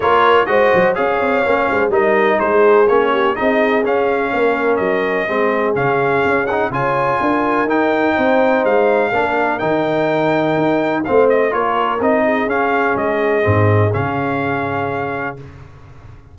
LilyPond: <<
  \new Staff \with { instrumentName = "trumpet" } { \time 4/4 \tempo 4 = 125 cis''4 dis''4 f''2 | dis''4 c''4 cis''4 dis''4 | f''2 dis''2 | f''4. fis''8 gis''2 |
g''2 f''2 | g''2. f''8 dis''8 | cis''4 dis''4 f''4 dis''4~ | dis''4 f''2. | }
  \new Staff \with { instrumentName = "horn" } { \time 4/4 ais'4 c''4 cis''4. c''8 | ais'4 gis'4. g'8 gis'4~ | gis'4 ais'2 gis'4~ | gis'2 cis''4 ais'4~ |
ais'4 c''2 ais'4~ | ais'2. c''4 | ais'4. gis'2~ gis'8~ | gis'1 | }
  \new Staff \with { instrumentName = "trombone" } { \time 4/4 f'4 fis'4 gis'4 cis'4 | dis'2 cis'4 dis'4 | cis'2. c'4 | cis'4. dis'8 f'2 |
dis'2. d'4 | dis'2. c'4 | f'4 dis'4 cis'2 | c'4 cis'2. | }
  \new Staff \with { instrumentName = "tuba" } { \time 4/4 ais4 gis8 fis8 cis'8 c'8 ais8 gis8 | g4 gis4 ais4 c'4 | cis'4 ais4 fis4 gis4 | cis4 cis'4 cis4 d'4 |
dis'4 c'4 gis4 ais4 | dis2 dis'4 a4 | ais4 c'4 cis'4 gis4 | gis,4 cis2. | }
>>